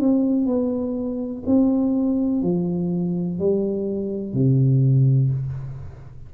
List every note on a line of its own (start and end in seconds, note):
0.00 0.46 C4
0.46 1.43 B3
1.46 2.42 C4
2.42 3.39 F3
3.39 4.33 G3
4.33 5.30 C3